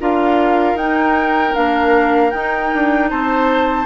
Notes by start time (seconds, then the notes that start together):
0.00 D4 F4 A#4 F5
0.74 D#4 G5
1.54 A#3 D4 F5
2.31 D#4 G5
2.74 D4
3.10 C4 C5 A5